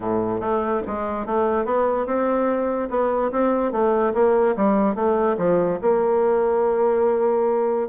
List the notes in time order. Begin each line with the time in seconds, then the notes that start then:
0.00 A2
0.40 A3
0.86 G#3
1.26 A3
1.65 B3
2.06 C4
2.90 B3
3.31 C4
3.71 A3
4.13 A#3
4.56 G3
4.95 A3
5.37 F3
5.81 A#3